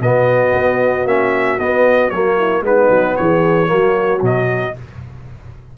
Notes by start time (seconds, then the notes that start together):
0.00 B2 B3 F#4 D#5
0.53 B3
1.05 A#3 C#4 E5
1.59 B3 D#5
2.10 F#3 A#3 C#5
2.37 E4
2.62 G#3 B3 D#4 B4
2.90 F#3
3.17 E3 G#4 C#5
3.67 F#3 A#3 F#4
4.21 B2 F#3 D#5